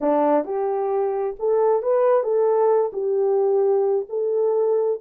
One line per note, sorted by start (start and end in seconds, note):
0.00 0.44 D4
0.44 1.35 G4
1.39 1.82 A4
1.82 2.23 B4
2.23 2.91 A4
2.92 4.06 G4
4.09 5.00 A4